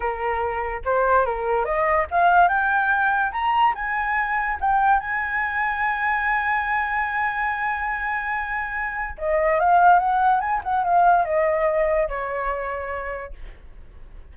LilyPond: \new Staff \with { instrumentName = "flute" } { \time 4/4 \tempo 4 = 144 ais'2 c''4 ais'4 | dis''4 f''4 g''2 | ais''4 gis''2 g''4 | gis''1~ |
gis''1~ | gis''2 dis''4 f''4 | fis''4 gis''8 fis''8 f''4 dis''4~ | dis''4 cis''2. | }